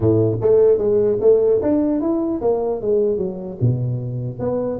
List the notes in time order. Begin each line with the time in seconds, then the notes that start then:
0.00 A2
0.41 A3
0.78 G#3
1.20 A3
1.61 D4
2.01 E4
2.41 A#3
2.81 G#3
3.17 F#3
3.60 B2
4.39 B3